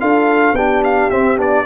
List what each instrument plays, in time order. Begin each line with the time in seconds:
0.00 tuba D4, trombone F4, horn A4, trumpet F5
0.53 tuba B3, trombone D4, horn G4, trumpet G5
0.84 trumpet F5
1.10 tuba C4, trombone C4, trumpet E5
1.37 tuba B3, trombone D4, trumpet D5